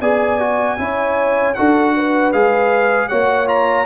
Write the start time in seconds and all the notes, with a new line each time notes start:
0.00 B3 G#4 D5 G#5
0.39 F#4
0.78 C#4 E4 C#5
1.54 D4 F#4 A4 F#5
1.96 B4
2.32 G#3 G#4 F5
3.08 A#3 F#4 C#5 F#5
3.46 F4 A#5